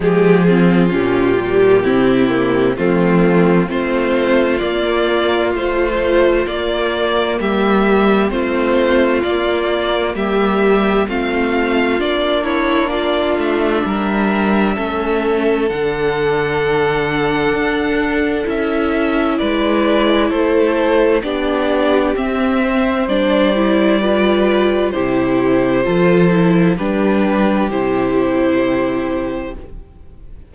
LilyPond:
<<
  \new Staff \with { instrumentName = "violin" } { \time 4/4 \tempo 4 = 65 gis'4 g'2 f'4 | c''4 d''4 c''4 d''4 | e''4 c''4 d''4 e''4 | f''4 d''8 cis''8 d''8 e''4.~ |
e''4 fis''2. | e''4 d''4 c''4 d''4 | e''4 d''2 c''4~ | c''4 b'4 c''2 | }
  \new Staff \with { instrumentName = "violin" } { \time 4/4 g'8 f'4. e'4 c'4 | f'1 | g'4 f'2 g'4 | f'4. e'8 f'4 ais'4 |
a'1~ | a'4 b'4 a'4 g'4~ | g'8 c''4. b'4 g'4 | a'4 g'2. | }
  \new Staff \with { instrumentName = "viola" } { \time 4/4 gis8 c'8 cis'8 g8 c'8 ais8 a4 | c'4 ais4 f4 ais4~ | ais4 c'4 ais2 | c'4 d'2. |
cis'4 d'2. | e'2. d'4 | c'4 d'8 e'8 f'4 e'4 | f'8 e'8 d'4 e'2 | }
  \new Staff \with { instrumentName = "cello" } { \time 4/4 f4 ais,4 c4 f4 | a4 ais4 a4 ais4 | g4 a4 ais4 g4 | a4 ais4. a8 g4 |
a4 d2 d'4 | cis'4 gis4 a4 b4 | c'4 g2 c4 | f4 g4 c2 | }
>>